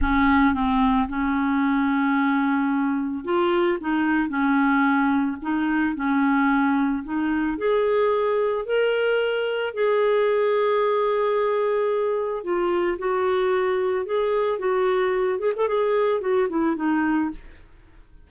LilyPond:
\new Staff \with { instrumentName = "clarinet" } { \time 4/4 \tempo 4 = 111 cis'4 c'4 cis'2~ | cis'2 f'4 dis'4 | cis'2 dis'4 cis'4~ | cis'4 dis'4 gis'2 |
ais'2 gis'2~ | gis'2. f'4 | fis'2 gis'4 fis'4~ | fis'8 gis'16 a'16 gis'4 fis'8 e'8 dis'4 | }